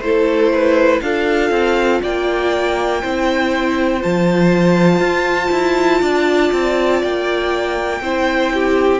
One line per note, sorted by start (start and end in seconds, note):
0.00 1.00 A3
0.00 1.02 E4
0.00 0.52 A4
0.00 1.00 C5
0.52 1.02 B4
1.01 1.50 D4
1.01 3.02 F4
1.01 2.01 A4
1.01 2.01 F5
1.50 2.00 C4
2.01 3.03 A#3
2.01 3.01 D5
2.01 4.02 G5
3.01 4.03 C4
3.01 4.00 E4
3.01 6.01 C5
4.00 4.99 F3
4.00 8.00 F4
4.00 7.02 A5
4.99 5.49 F4
5.51 6.01 E4
6.01 6.51 D4
6.01 8.01 D5
6.52 7.02 C4
7.02 8.01 A#3
7.02 9.00 G5
8.01 9.00 C4
8.01 9.00 E4
8.01 8.53 C5
8.53 9.00 G4